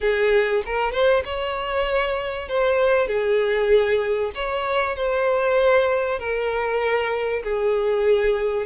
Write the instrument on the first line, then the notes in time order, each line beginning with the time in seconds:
violin
0.01 G#4
0.65 A#4
0.92 C5
1.24 C#5
2.48 C5
3.07 G#4
4.35 C#5
4.96 C5
6.19 A#4
7.43 G#4